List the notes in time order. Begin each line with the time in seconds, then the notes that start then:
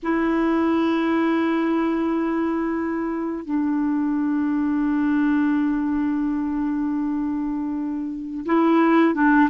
0.02 E4
3.44 D4
8.45 E4
9.14 D4